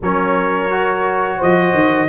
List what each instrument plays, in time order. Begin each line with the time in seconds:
0.01 tuba F#3, trombone C#4, horn A#4, trumpet C#5
0.70 trombone F#4
1.37 tuba F3, horn C5, trumpet D#5
1.73 tuba D#3